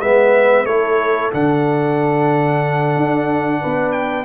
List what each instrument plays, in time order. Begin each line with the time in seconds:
0.00 tuba G#3, trombone B3, horn B4, trumpet E5
0.65 tuba A3, trombone E4, horn A4, trumpet C#5
1.32 tuba D3, trombone D4, trumpet F#5
2.97 tuba D4
3.61 tuba B3, horn B4
3.93 trumpet G5